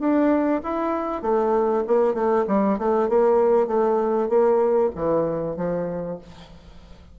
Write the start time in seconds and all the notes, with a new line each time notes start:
0.00 D4
0.64 E4
1.22 A3
1.88 A#3
2.15 A3
2.48 G3
2.79 A3
3.09 A#3
3.68 A3
4.29 A#3
4.96 E3
5.57 F3